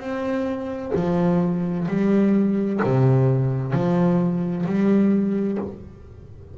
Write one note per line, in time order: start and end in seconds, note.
0.00 0.92 C4
0.95 1.88 F3
1.89 2.81 G3
2.84 3.73 C3
3.73 4.66 F3
4.67 5.59 G3